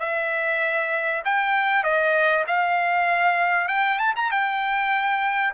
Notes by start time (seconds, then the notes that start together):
0.00 E5
1.25 G5
1.84 D#5
2.47 F5
3.68 G5
3.99 A5
4.16 A#5
4.31 G5